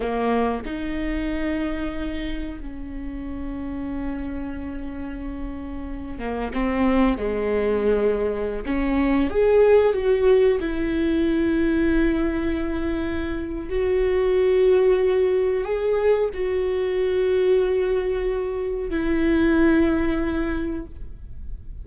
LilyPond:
\new Staff \with { instrumentName = "viola" } { \time 4/4 \tempo 4 = 92 ais4 dis'2. | cis'1~ | cis'4. ais8 c'4 gis4~ | gis4~ gis16 cis'4 gis'4 fis'8.~ |
fis'16 e'2.~ e'8.~ | e'4 fis'2. | gis'4 fis'2.~ | fis'4 e'2. | }